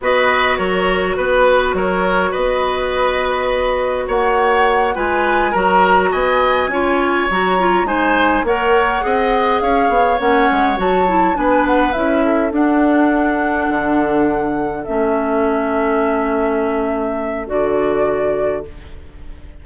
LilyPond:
<<
  \new Staff \with { instrumentName = "flute" } { \time 4/4 \tempo 4 = 103 dis''4 cis''4 b'4 cis''4 | dis''2. fis''4~ | fis''8 gis''4 ais''4 gis''4.~ | gis''8 ais''4 gis''4 fis''4.~ |
fis''8 f''4 fis''4 a''4 gis''8 | fis''8 e''4 fis''2~ fis''8~ | fis''4. e''2~ e''8~ | e''2 d''2 | }
  \new Staff \with { instrumentName = "oboe" } { \time 4/4 b'4 ais'4 b'4 ais'4 | b'2. cis''4~ | cis''8 b'4 ais'4 dis''4 cis''8~ | cis''4. c''4 cis''4 dis''8~ |
dis''8 cis''2. b'8~ | b'4 a'2.~ | a'1~ | a'1 | }
  \new Staff \with { instrumentName = "clarinet" } { \time 4/4 fis'1~ | fis'1~ | fis'8 f'4 fis'2 f'8~ | f'8 fis'8 f'8 dis'4 ais'4 gis'8~ |
gis'4. cis'4 fis'8 e'8 d'8~ | d'8 e'4 d'2~ d'8~ | d'4. cis'2~ cis'8~ | cis'2 fis'2 | }
  \new Staff \with { instrumentName = "bassoon" } { \time 4/4 b4 fis4 b4 fis4 | b2. ais4~ | ais8 gis4 fis4 b4 cis'8~ | cis'8 fis4 gis4 ais4 c'8~ |
c'8 cis'8 b8 ais8 gis8 fis4 b8~ | b8 cis'4 d'2 d8~ | d4. a2~ a8~ | a2 d2 | }
>>